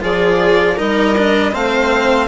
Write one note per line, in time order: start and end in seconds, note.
0.00 0.78 F3
0.00 0.76 F4
0.00 0.75 G#4
0.00 0.78 D5
0.75 1.53 G3
0.75 1.15 D#4
0.75 1.51 A#4
0.75 1.54 D#5
1.17 1.52 D4
1.51 2.27 A3
1.51 2.27 C4
1.51 2.27 C5
1.51 2.27 F5